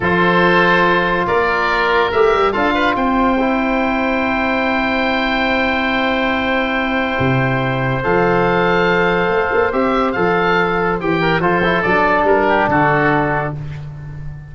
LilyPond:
<<
  \new Staff \with { instrumentName = "oboe" } { \time 4/4 \tempo 4 = 142 c''2. d''4~ | d''4 e''4 f''4 g''4~ | g''1~ | g''1~ |
g''2. f''4~ | f''2. e''4 | f''2 g''4 c''4 | d''4 ais'4 a'2 | }
  \new Staff \with { instrumentName = "oboe" } { \time 4/4 a'2. ais'4~ | ais'2 a'8 b'8 c''4~ | c''1~ | c''1~ |
c''1~ | c''1~ | c''2~ c''8 ais'8 a'4~ | a'4. g'8 fis'2 | }
  \new Staff \with { instrumentName = "trombone" } { \time 4/4 f'1~ | f'4 g'4 f'2 | e'1~ | e'1~ |
e'2. a'4~ | a'2. g'4 | a'2 g'4 f'8 e'8 | d'1 | }
  \new Staff \with { instrumentName = "tuba" } { \time 4/4 f2. ais4~ | ais4 a8 g8 d'4 c'4~ | c'1~ | c'1~ |
c'4 c2 f4~ | f2 a8 ais8 c'4 | f2 e4 f4 | fis4 g4 d2 | }
>>